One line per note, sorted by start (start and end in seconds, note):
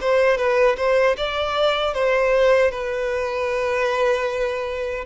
0.00 0.37 C5
0.37 0.76 B4
0.77 1.15 C5
1.17 1.93 D5
1.93 2.71 C5
2.71 5.04 B4